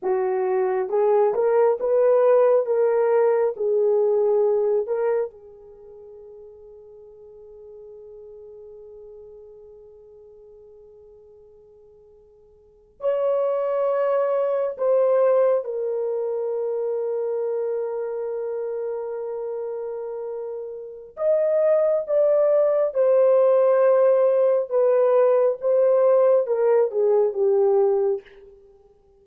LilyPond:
\new Staff \with { instrumentName = "horn" } { \time 4/4 \tempo 4 = 68 fis'4 gis'8 ais'8 b'4 ais'4 | gis'4. ais'8 gis'2~ | gis'1~ | gis'2~ gis'8. cis''4~ cis''16~ |
cis''8. c''4 ais'2~ ais'16~ | ais'1 | dis''4 d''4 c''2 | b'4 c''4 ais'8 gis'8 g'4 | }